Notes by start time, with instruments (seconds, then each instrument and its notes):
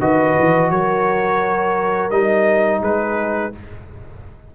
0.00 tuba D#3, trombone F#4, horn B4, trumpet D#5
0.39 tuba E3
0.71 tuba F#3, horn A#4, trumpet C#5
2.11 tuba G3, trombone D#4, trumpet D#5
2.81 tuba G#3, horn G#4, trumpet B4